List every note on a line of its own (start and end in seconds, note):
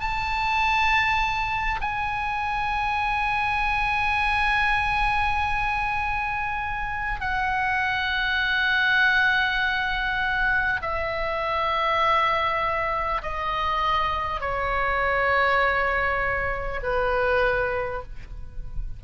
0.00 1.80 A5
1.81 7.21 G#5
7.21 10.81 F#5
10.81 13.21 E5
13.22 14.40 D#5
14.40 16.80 C#5
16.82 18.02 B4